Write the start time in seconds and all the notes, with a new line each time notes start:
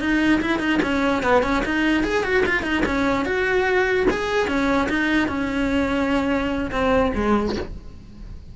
0.00 D#4
0.41 E4
0.59 D#4
0.82 C#4
1.23 B3
1.43 C#4
1.65 D#4
2.04 G#4
2.24 F#4
2.46 F4
2.63 D#4
2.86 C#4
3.25 F#4
4.10 G#4
4.47 C#4
4.89 D#4
5.28 C#4
6.71 C4
7.15 G#3